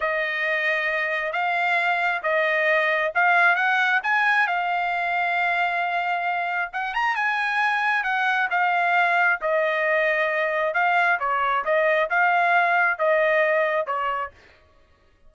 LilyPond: \new Staff \with { instrumentName = "trumpet" } { \time 4/4 \tempo 4 = 134 dis''2. f''4~ | f''4 dis''2 f''4 | fis''4 gis''4 f''2~ | f''2. fis''8 ais''8 |
gis''2 fis''4 f''4~ | f''4 dis''2. | f''4 cis''4 dis''4 f''4~ | f''4 dis''2 cis''4 | }